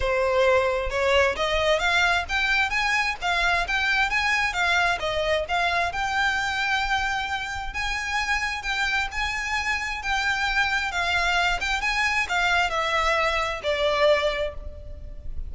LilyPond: \new Staff \with { instrumentName = "violin" } { \time 4/4 \tempo 4 = 132 c''2 cis''4 dis''4 | f''4 g''4 gis''4 f''4 | g''4 gis''4 f''4 dis''4 | f''4 g''2.~ |
g''4 gis''2 g''4 | gis''2 g''2 | f''4. g''8 gis''4 f''4 | e''2 d''2 | }